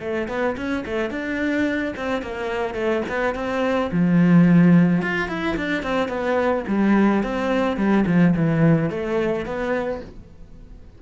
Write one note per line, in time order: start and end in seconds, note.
0.00 0.28 A3
0.28 0.56 B3
0.57 0.84 C#4
0.85 1.10 A3
1.10 1.94 D4
1.96 2.22 C4
2.22 2.74 A#3
2.74 3.02 A3
3.09 3.35 B3
3.35 3.90 C4
3.91 5.02 F3
5.02 5.28 F4
5.28 5.56 E4
5.56 5.83 D4
5.83 6.08 C4
6.08 6.64 B3
6.68 7.23 G3
7.23 7.77 C4
7.77 8.04 G3
8.06 8.34 F3
8.36 8.90 E3
8.90 9.45 A3
9.45 10.01 B3